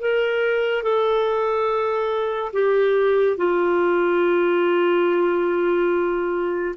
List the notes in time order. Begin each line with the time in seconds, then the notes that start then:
0.00 A#4
0.83 A4
2.52 G4
3.37 F4